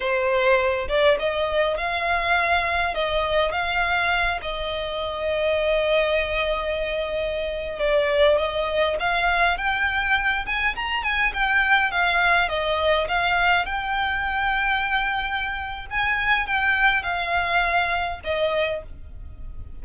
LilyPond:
\new Staff \with { instrumentName = "violin" } { \time 4/4 \tempo 4 = 102 c''4. d''8 dis''4 f''4~ | f''4 dis''4 f''4. dis''8~ | dis''1~ | dis''4~ dis''16 d''4 dis''4 f''8.~ |
f''16 g''4. gis''8 ais''8 gis''8 g''8.~ | g''16 f''4 dis''4 f''4 g''8.~ | g''2. gis''4 | g''4 f''2 dis''4 | }